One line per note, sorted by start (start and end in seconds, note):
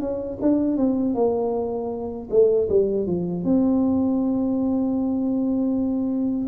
0.00 0.38 C#4
0.41 0.77 D4
0.77 1.14 C4
1.14 2.28 A#3
2.30 2.68 A3
2.69 3.06 G3
3.06 3.44 F3
3.44 6.48 C4